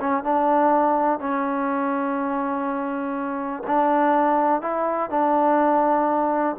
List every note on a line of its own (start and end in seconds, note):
0.00 0.24 C#4
0.24 1.19 D4
1.19 3.63 C#4
3.67 4.61 D4
4.61 5.10 E4
5.10 6.56 D4